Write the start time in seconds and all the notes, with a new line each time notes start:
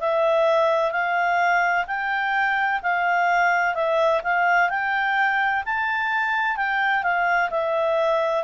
0.00 E5
0.92 F5
1.87 G5
2.83 F5
3.75 E5
4.24 F5
4.70 G5
5.65 A5
6.57 G5
7.03 F5
7.50 E5